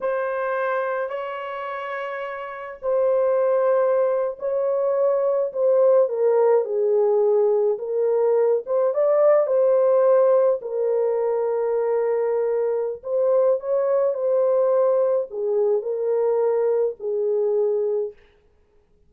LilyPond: \new Staff \with { instrumentName = "horn" } { \time 4/4 \tempo 4 = 106 c''2 cis''2~ | cis''4 c''2~ c''8. cis''16~ | cis''4.~ cis''16 c''4 ais'4 gis'16~ | gis'4.~ gis'16 ais'4. c''8 d''16~ |
d''8. c''2 ais'4~ ais'16~ | ais'2. c''4 | cis''4 c''2 gis'4 | ais'2 gis'2 | }